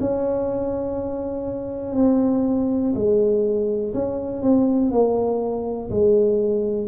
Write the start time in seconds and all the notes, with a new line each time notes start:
0.00 C#4
1.95 C4
2.95 G#3
3.93 C#4
4.42 C4
4.91 A#3
5.90 G#3